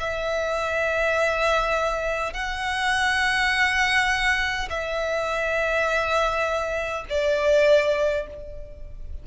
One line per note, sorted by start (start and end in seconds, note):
0.00 2.34 E5
2.34 4.69 F#5
4.70 7.05 E5
7.10 8.27 D5